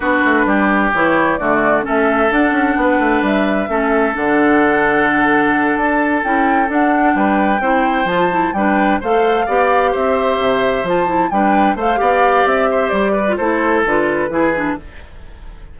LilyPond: <<
  \new Staff \with { instrumentName = "flute" } { \time 4/4 \tempo 4 = 130 b'2 cis''4 d''4 | e''4 fis''2 e''4~ | e''4 fis''2.~ | fis''8 a''4 g''4 fis''4 g''8~ |
g''4. a''4 g''4 f''8~ | f''4. e''2 a''8~ | a''8 g''4 f''4. e''4 | d''4 c''4 b'2 | }
  \new Staff \with { instrumentName = "oboe" } { \time 4/4 fis'4 g'2 fis'4 | a'2 b'2 | a'1~ | a'2.~ a'8 b'8~ |
b'8 c''2 b'4 c''8~ | c''8 d''4 c''2~ c''8~ | c''8 b'4 c''8 d''4. c''8~ | c''8 b'8 a'2 gis'4 | }
  \new Staff \with { instrumentName = "clarinet" } { \time 4/4 d'2 e'4 a4 | cis'4 d'2. | cis'4 d'2.~ | d'4. e'4 d'4.~ |
d'8 e'4 f'8 e'8 d'4 a'8~ | a'8 g'2. f'8 | e'8 d'4 a'8 g'2~ | g'8. f'16 e'4 f'4 e'8 d'8 | }
  \new Staff \with { instrumentName = "bassoon" } { \time 4/4 b8 a8 g4 e4 d4 | a4 d'8 cis'8 b8 a8 g4 | a4 d2.~ | d8 d'4 cis'4 d'4 g8~ |
g8 c'4 f4 g4 a8~ | a8 b4 c'4 c4 f8~ | f8 g4 a8 b4 c'4 | g4 a4 d4 e4 | }
>>